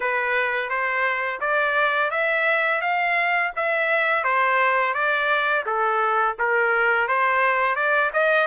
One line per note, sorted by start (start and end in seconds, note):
0.00 0.69 B4
0.69 1.40 C5
1.40 2.10 D5
2.10 2.81 E5
2.81 3.51 F5
3.56 4.24 E5
4.24 4.93 C5
4.93 5.64 D5
5.66 6.36 A4
6.38 7.08 A#4
7.08 7.75 C5
7.75 8.10 D5
8.13 8.47 D#5